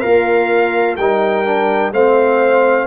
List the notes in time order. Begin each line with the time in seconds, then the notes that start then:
0.00 A#3 F4 A#4 F5
0.96 G3 D#4 A#4 G5
1.45 D4
1.92 A3 C4 C5 F5